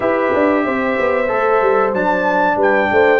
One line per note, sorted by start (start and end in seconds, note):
0.00 0.32 E4
0.00 1.25 G4
0.00 0.64 B4
0.00 1.93 E5
0.33 0.66 D4
0.64 0.98 C4
0.64 2.56 C5
0.99 1.31 B3
1.28 1.61 A3
1.28 1.92 A4
1.61 1.92 G3
1.92 2.56 F#3
1.92 3.19 D4
1.92 2.58 A5
2.56 2.88 G3
2.56 2.88 B4
2.56 3.19 G5
2.91 3.19 A3
2.91 3.19 C5